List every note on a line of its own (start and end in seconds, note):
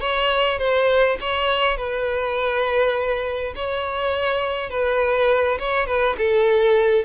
0.00 0.58 C#5
0.58 1.17 C5
1.21 1.77 C#5
1.77 3.53 B4
3.55 4.70 C#5
4.70 5.58 B4
5.59 5.87 C#5
5.87 6.16 B4
6.18 7.05 A4